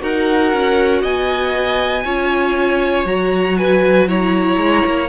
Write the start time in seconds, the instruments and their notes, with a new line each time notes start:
0.00 cello D#4, viola F#4, violin A#4 F#5
0.53 cello C#4
1.02 cello B3, violin D#5 G#5
2.04 cello C#4, viola F4, violin C#5
3.05 cello F#3, viola F#4, violin A#5
3.58 violin B4 G#5
4.08 viola E4, violin C#5 A#5
4.57 cello G#3
4.86 cello A#3